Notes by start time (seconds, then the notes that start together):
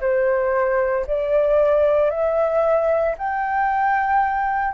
0.00 C5
1.06 D5
2.10 E5
3.17 G5